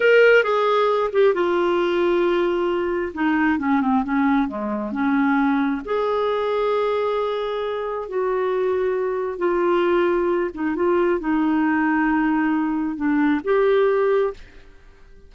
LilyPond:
\new Staff \with { instrumentName = "clarinet" } { \time 4/4 \tempo 4 = 134 ais'4 gis'4. g'8 f'4~ | f'2. dis'4 | cis'8 c'8 cis'4 gis4 cis'4~ | cis'4 gis'2.~ |
gis'2 fis'2~ | fis'4 f'2~ f'8 dis'8 | f'4 dis'2.~ | dis'4 d'4 g'2 | }